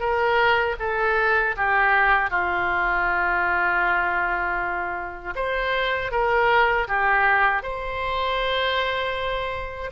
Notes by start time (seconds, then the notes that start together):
0.00 A#4
0.80 A4
1.57 G4
2.31 F4
5.36 C5
6.12 A#4
6.88 G4
7.63 C5